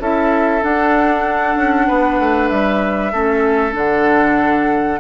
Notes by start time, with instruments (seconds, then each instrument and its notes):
0.00 bassoon C#4, clarinet E4, oboe A4, flute E5
0.62 clarinet D4, bassoon D4, flute F#5
1.57 bassoon C#4
1.88 bassoon B3, oboe B4
2.19 bassoon A3
2.49 bassoon G3, flute E5
3.13 bassoon A3, clarinet C#4, oboe A4
3.72 bassoon D3, clarinet D4, flute F#5